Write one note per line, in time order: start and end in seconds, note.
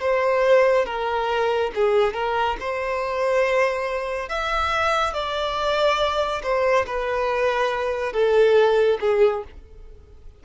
0.00 0.85 C5
0.85 1.71 A#4
1.75 2.14 G#4
2.14 2.56 A#4
2.59 4.29 C5
4.29 5.13 E5
5.13 6.42 D5
6.42 6.85 C5
6.86 8.12 B4
8.12 8.98 A4
9.00 9.43 G#4